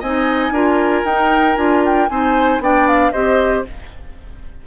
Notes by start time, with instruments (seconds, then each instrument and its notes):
0.00 bassoon C4, clarinet D#4, oboe D#5, flute G#5
0.50 bassoon D4, clarinet F4, oboe A#4
1.04 bassoon D#4, clarinet D#4, flute G5
1.56 bassoon D4, clarinet F4, flute G#5
1.85 flute G5
2.08 bassoon C4, clarinet D#4, oboe C5, flute G#5
2.59 bassoon B3, clarinet D4, oboe D5, flute G5
2.88 flute F5
3.12 bassoon C4, clarinet G4, oboe C5, flute D#5